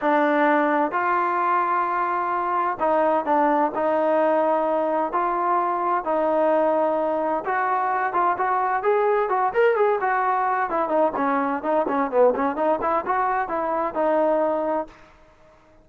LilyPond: \new Staff \with { instrumentName = "trombone" } { \time 4/4 \tempo 4 = 129 d'2 f'2~ | f'2 dis'4 d'4 | dis'2. f'4~ | f'4 dis'2. |
fis'4. f'8 fis'4 gis'4 | fis'8 ais'8 gis'8 fis'4. e'8 dis'8 | cis'4 dis'8 cis'8 b8 cis'8 dis'8 e'8 | fis'4 e'4 dis'2 | }